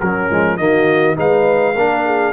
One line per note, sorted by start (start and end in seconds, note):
0.00 0.29 F#3
0.00 0.59 C#4
0.00 0.57 A#4
0.29 0.58 F3
0.29 0.58 G#3
0.57 1.17 D#3
0.57 1.15 A#3
0.57 1.16 F#4
0.57 1.16 D#5
1.15 1.76 G#3
1.15 1.74 D#4
1.15 1.75 B4
1.15 2.33 F5
1.75 2.33 A#3
1.75 2.33 D4
1.75 2.04 A#4
2.06 2.33 G#4